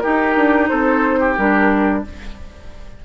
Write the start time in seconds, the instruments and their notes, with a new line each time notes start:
0.00 clarinet D#4, bassoon D#4, oboe G4, flute A#4
0.36 bassoon D4
0.68 bassoon C4, oboe A4, flute C5
1.19 oboe G4
1.37 bassoon G3, clarinet D4, flute A#4